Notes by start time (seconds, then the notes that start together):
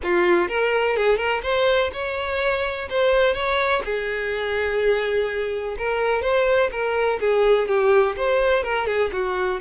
0.03 F4
0.48 A#4
0.96 G#4
1.17 A#4
1.42 C5
1.92 C#5
2.89 C5
3.34 C#5
3.84 G#4
5.78 A#4
6.22 C5
6.71 A#4
7.20 G#4
7.68 G4
8.16 C5
8.63 A#4
8.87 G#4
9.12 F#4